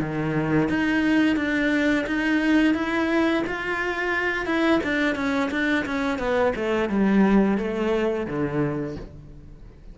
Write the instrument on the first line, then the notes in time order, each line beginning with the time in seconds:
cello
0.00 D#3
0.69 D#4
1.36 D4
2.07 D#4
2.74 E4
3.47 F4
4.46 E4
4.83 D4
5.15 C#4
5.51 D4
5.86 C#4
6.18 B3
6.56 A3
6.89 G3
7.58 A3
8.27 D3